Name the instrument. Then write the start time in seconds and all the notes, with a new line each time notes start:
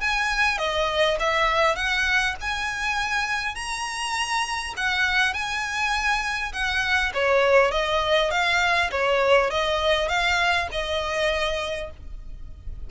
violin
0.00 G#5
0.58 D#5
1.19 E5
1.75 F#5
2.41 G#5
3.55 A#5
4.76 F#5
5.33 G#5
6.52 F#5
7.14 C#5
7.71 D#5
8.31 F5
8.91 C#5
9.50 D#5
10.08 F5
10.71 D#5